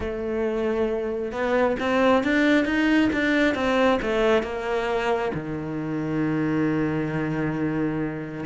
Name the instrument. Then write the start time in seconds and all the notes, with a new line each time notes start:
cello
0.00 A3
1.32 B3
1.79 C4
2.23 D4
2.65 D#4
3.13 D4
3.54 C4
4.01 A3
4.42 A#3
5.34 D#3